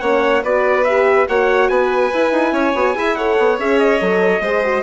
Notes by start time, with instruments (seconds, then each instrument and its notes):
0.00 bassoon A#3, horn C#4, violin C#5, trumpet F#5
0.43 bassoon B3, horn F#4, violin B4, trumpet D5
0.85 horn G4, trumpet E5
1.28 bassoon A#3, horn F#4, violin C#5, trumpet F#5
1.69 bassoon B3, violin B4, trumpet G#5
2.14 horn E4, bassoon E4
2.32 bassoon D#4
2.52 bassoon C#4, violin C#5
2.75 bassoon B3, horn F#4
2.95 bassoon E4, horn G#4, violin E5
3.15 horn A4, violin C#5, trumpet F#5
3.39 bassoon B3
3.59 bassoon C#4, horn G#4, trumpet E5
3.79 trumpet D#5
4.00 bassoon F#3, horn A4
4.40 bassoon G#3, horn G#4, violin C5
4.64 horn F#4